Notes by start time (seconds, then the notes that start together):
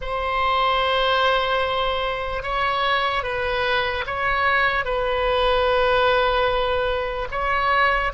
0.01 C5
2.43 C#5
3.23 B4
4.06 C#5
4.84 B4
7.31 C#5